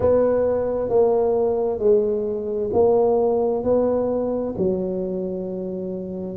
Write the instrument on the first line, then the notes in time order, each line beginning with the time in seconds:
tuba
0.00 B3
0.88 A#3
1.78 G#3
2.72 A#3
3.63 B3
4.57 F#3